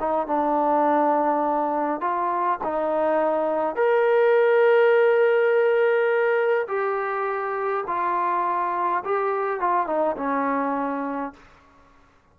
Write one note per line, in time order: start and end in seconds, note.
0.00 0.27 D#4
0.27 2.01 D4
2.01 2.59 F4
2.64 3.76 D#4
3.76 6.67 A#4
6.68 7.85 G4
7.87 9.04 F4
9.05 9.61 G4
9.61 9.87 F4
9.87 10.16 D#4
10.17 11.34 C#4